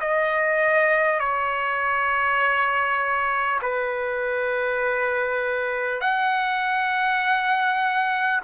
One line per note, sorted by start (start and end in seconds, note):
0.00 1.19 D#5
1.19 3.59 C#5
3.62 6.01 B4
6.01 8.41 F#5